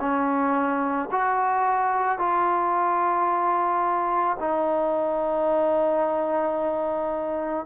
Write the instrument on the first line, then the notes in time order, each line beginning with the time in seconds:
trombone
0.00 C#4
1.12 F#4
2.19 F4
4.40 D#4